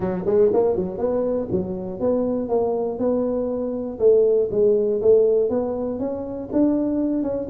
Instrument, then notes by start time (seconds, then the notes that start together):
tuba
0.00 F#3
0.26 G#3
0.53 A#3
0.75 F#3
0.98 B3
1.51 F#3
2.00 B3
2.48 A#3
2.98 B3
3.99 A3
4.51 G#3
5.01 A3
5.49 B3
5.99 C#4
6.52 D4
7.22 C#4